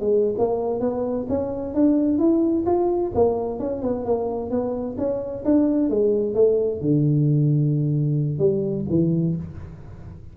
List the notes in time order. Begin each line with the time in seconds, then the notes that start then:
0.00 G#3
0.38 A#3
0.80 B3
1.29 C#4
1.74 D4
2.19 E4
2.66 F4
3.15 A#3
3.59 C#4
3.82 B3
4.05 A#3
4.50 B3
4.98 C#4
5.45 D4
5.89 G#3
6.34 A3
6.81 D3
8.39 G3
8.89 E3